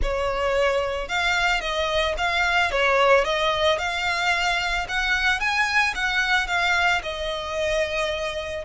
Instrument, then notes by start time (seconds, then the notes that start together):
violin
0.02 C#5
1.08 F5
1.60 D#5
2.17 F5
2.71 C#5
3.24 D#5
3.78 F5
4.88 F#5
5.39 G#5
5.94 F#5
6.47 F5
7.02 D#5